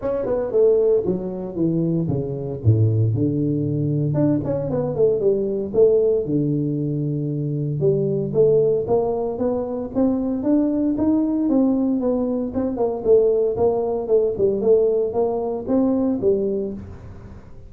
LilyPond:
\new Staff \with { instrumentName = "tuba" } { \time 4/4 \tempo 4 = 115 cis'8 b8 a4 fis4 e4 | cis4 a,4 d2 | d'8 cis'8 b8 a8 g4 a4 | d2. g4 |
a4 ais4 b4 c'4 | d'4 dis'4 c'4 b4 | c'8 ais8 a4 ais4 a8 g8 | a4 ais4 c'4 g4 | }